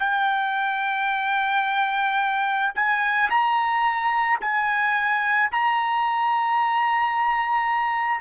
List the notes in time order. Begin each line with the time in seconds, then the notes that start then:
0.00 G5
2.75 G#5
3.30 A#5
4.41 G#5
5.51 A#5